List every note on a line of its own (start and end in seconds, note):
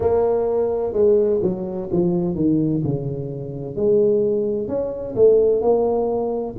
0.00 0.92 A#3
0.92 1.39 G#3
1.42 1.89 F#3
1.92 2.35 F3
2.35 2.82 D#3
2.84 3.75 C#3
3.75 4.68 G#3
4.68 5.15 C#4
5.15 5.61 A3
5.61 6.55 A#3